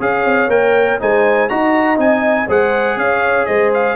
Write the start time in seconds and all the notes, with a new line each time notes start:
0.00 C#4 G#4 C#5 F5
0.25 C4
0.48 A#3 A#4 G5
1.00 G#3 D#4 C5 G#5
1.49 D#4 F#4 D#5 A#5
1.97 C4 D#4 G#5
2.47 G#3 G#4 C5 F#5
2.97 C#4 C#5 F5
3.46 G#3 C5 D#5
3.74 F5